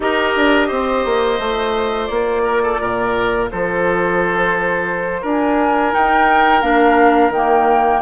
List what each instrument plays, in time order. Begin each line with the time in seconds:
0.00 bassoon D#4, clarinet G4, oboe A#4, flute D#5
0.36 bassoon D4
0.67 bassoon C4, oboe C5
1.05 bassoon A#3
1.39 bassoon A3, clarinet F4
2.06 bassoon A#3, flute D5
2.44 oboe A#4
2.63 oboe A4
2.80 bassoon A#2, oboe A#4
3.51 bassoon F3, oboe A4, flute C5
5.21 bassoon D4, oboe A#4, flute G#5
5.91 clarinet D#4, bassoon D#4, flute G5
6.61 bassoon A#3, clarinet D4, flute F5
7.30 bassoon D#3, clarinet A#3, flute G5